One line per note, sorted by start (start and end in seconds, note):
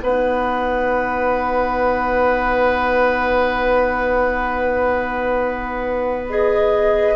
0.00 7.16 B3
0.00 6.29 D#4
0.00 7.16 B4
0.00 6.27 F#5
6.29 7.16 G#4
6.29 7.16 D#5